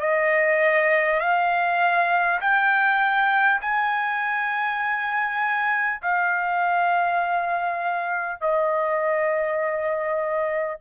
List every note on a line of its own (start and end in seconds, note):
0.00 1.20 D#5
1.20 2.40 F5
2.41 3.61 G5
3.62 6.02 G#5
6.02 8.41 F5
8.41 10.81 D#5